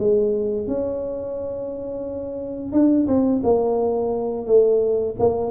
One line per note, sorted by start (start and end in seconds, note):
0.00 0.67 G#3
0.67 2.73 C#4
2.73 3.08 D4
3.08 3.42 C4
3.44 4.47 A#3
4.47 5.16 A3
5.19 5.52 A#3